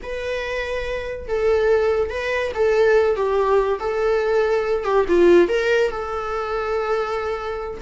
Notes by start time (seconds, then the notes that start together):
0.02 B4
1.28 A4
2.10 B4
2.54 A4
3.15 G4
3.79 A4
4.84 G4
5.08 F4
5.48 A#4
5.90 A4